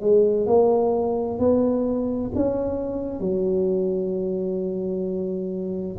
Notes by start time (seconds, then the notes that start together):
0.00 G#3
0.46 A#3
1.38 B3
2.35 C#4
3.19 F#3